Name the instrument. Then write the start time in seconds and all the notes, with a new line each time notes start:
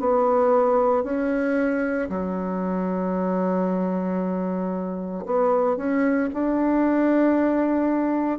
bassoon
0.00 B3
1.04 C#4
2.10 F#3
5.26 B3
5.77 C#4
6.33 D4